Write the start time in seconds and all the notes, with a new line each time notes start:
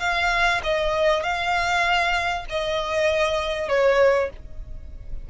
0.00 F5
0.63 D#5
1.23 F5
2.49 D#5
3.68 C#5